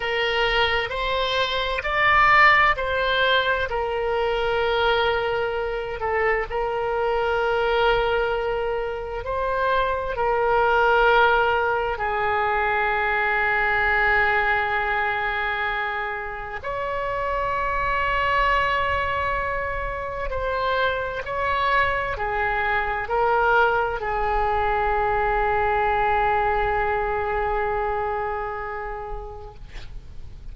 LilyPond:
\new Staff \with { instrumentName = "oboe" } { \time 4/4 \tempo 4 = 65 ais'4 c''4 d''4 c''4 | ais'2~ ais'8 a'8 ais'4~ | ais'2 c''4 ais'4~ | ais'4 gis'2.~ |
gis'2 cis''2~ | cis''2 c''4 cis''4 | gis'4 ais'4 gis'2~ | gis'1 | }